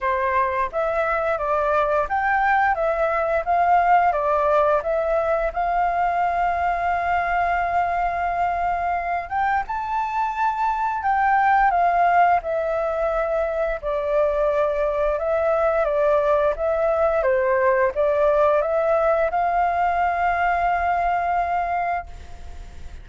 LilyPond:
\new Staff \with { instrumentName = "flute" } { \time 4/4 \tempo 4 = 87 c''4 e''4 d''4 g''4 | e''4 f''4 d''4 e''4 | f''1~ | f''4. g''8 a''2 |
g''4 f''4 e''2 | d''2 e''4 d''4 | e''4 c''4 d''4 e''4 | f''1 | }